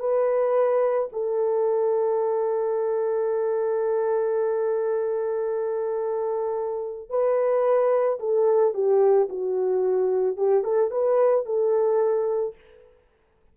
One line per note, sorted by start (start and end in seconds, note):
0.00 1.09 B4
1.13 7.10 A4
7.10 8.19 B4
8.20 8.74 A4
8.74 9.29 G4
9.29 10.37 F#4
10.37 10.64 G4
10.64 10.91 A4
10.91 11.46 B4
11.46 12.55 A4